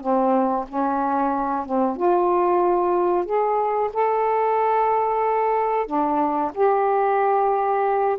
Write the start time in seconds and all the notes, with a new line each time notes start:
0.00 C4
0.68 C#4
1.65 C4
1.97 F4
3.25 G#4
3.93 A4
5.86 D4
6.54 G4